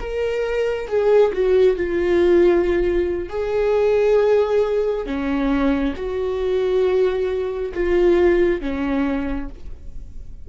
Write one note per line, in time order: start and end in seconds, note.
0.00 0.88 A#4
0.88 1.32 G#4
1.33 1.77 F#4
1.77 3.30 F4
3.30 5.06 G#4
5.06 5.94 C#4
5.96 7.73 F#4
7.74 8.61 F4
8.61 9.49 C#4